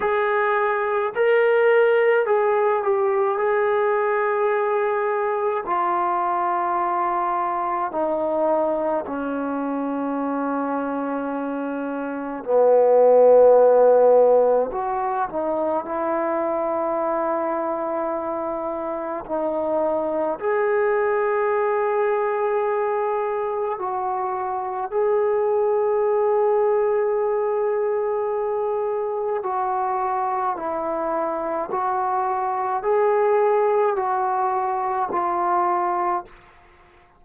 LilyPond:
\new Staff \with { instrumentName = "trombone" } { \time 4/4 \tempo 4 = 53 gis'4 ais'4 gis'8 g'8 gis'4~ | gis'4 f'2 dis'4 | cis'2. b4~ | b4 fis'8 dis'8 e'2~ |
e'4 dis'4 gis'2~ | gis'4 fis'4 gis'2~ | gis'2 fis'4 e'4 | fis'4 gis'4 fis'4 f'4 | }